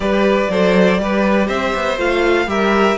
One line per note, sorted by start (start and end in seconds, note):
0.00 0.48 G3
0.00 0.49 G4
0.00 0.50 B4
0.00 1.47 D5
0.49 0.99 F#3
0.49 0.99 A4
0.49 1.00 C5
0.99 1.48 G3
0.99 1.97 G4
0.99 1.47 B4
1.47 1.73 C4
1.47 2.46 C5
1.47 1.97 E5
1.74 1.98 B3
1.97 2.46 A3
1.97 2.47 F4
1.97 2.49 F5
2.46 2.96 G3
2.46 2.97 G4
2.46 2.97 A#4
2.46 2.97 E5